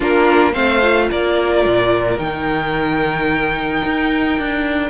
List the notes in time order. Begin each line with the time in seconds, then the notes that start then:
0.00 A#3 D4 F4 A#4
0.52 A3 C4 C5 F5
0.80 F4
1.11 A#3 A#4 D5
1.66 A#2
2.18 D#3 D#4 G5
3.84 D#4
4.38 D4